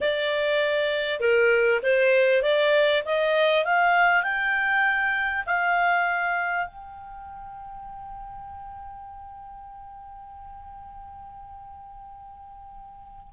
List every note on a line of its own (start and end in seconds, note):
0.00 1.20 D5
1.20 1.80 A#4
1.83 2.42 C5
2.42 3.03 D5
3.05 3.64 D#5
3.64 4.23 F5
4.23 5.44 G5
5.45 6.66 F5
6.66 13.32 G5